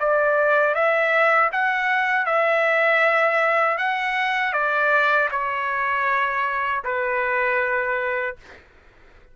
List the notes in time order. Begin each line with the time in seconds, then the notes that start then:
0.00 D5
0.75 E5
1.53 F#5
2.26 E5
3.78 F#5
4.53 D5
5.31 C#5
6.85 B4